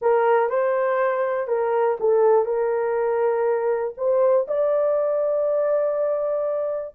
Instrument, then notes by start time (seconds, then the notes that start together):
horn
0.01 A#4
0.49 C5
1.47 A#4
2.00 A4
2.45 A#4
3.97 C5
4.47 D5